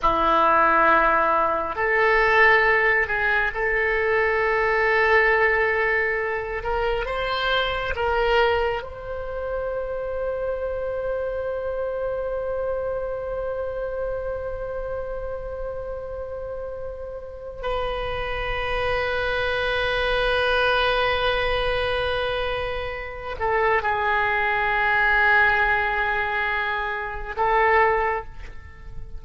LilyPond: \new Staff \with { instrumentName = "oboe" } { \time 4/4 \tempo 4 = 68 e'2 a'4. gis'8 | a'2.~ a'8 ais'8 | c''4 ais'4 c''2~ | c''1~ |
c''1 | b'1~ | b'2~ b'8 a'8 gis'4~ | gis'2. a'4 | }